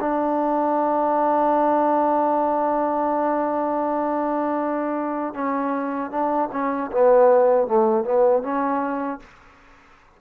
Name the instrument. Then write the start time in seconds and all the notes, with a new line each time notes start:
trombone
0.00 D4
5.34 C#4
6.10 D4
6.52 C#4
6.91 B3
7.67 A3
8.05 B3
8.43 C#4